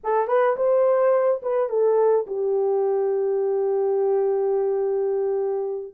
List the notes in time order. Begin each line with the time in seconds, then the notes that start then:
0.03 A4
0.27 B4
0.56 C5
1.42 B4
1.69 A4
2.26 G4